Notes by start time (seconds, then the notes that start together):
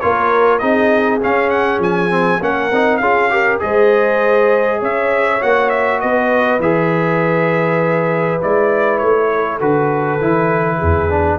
0.00 A#3 F4 A#4 C#5
0.59 C4 D#4 G#4 D#5
1.22 C#4 F5
1.50 F#5
1.79 F3 G#5
2.10 C4
2.41 A#3 C#4 A#4 F#5
2.71 C4 D#4
2.98 C#4 F4 G#4 F5
3.30 G4 A#4
3.60 G#3 G#4 C5 D#5
4.80 C#4 C#5 E5
5.41 A#3 F#4 F#5
5.70 E5
6.01 B3 B4 D#5
6.59 E3 G#4 E5
8.41 G#3 E4 D5
8.99 A3 C#5
9.35 A4
9.60 D3 F#4 B4
10.21 E3 E4
10.78 E2 G#4
11.10 D4